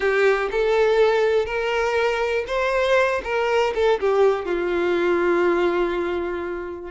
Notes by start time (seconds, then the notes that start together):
0.00 G4
0.51 A4
1.45 A#4
2.47 C5
3.23 A#4
3.74 A4
3.99 G4
4.45 F4